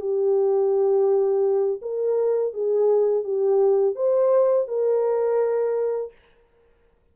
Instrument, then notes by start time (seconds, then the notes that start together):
horn
0.00 G4
1.82 A#4
2.53 G#4
3.24 G4
3.95 C5
4.68 A#4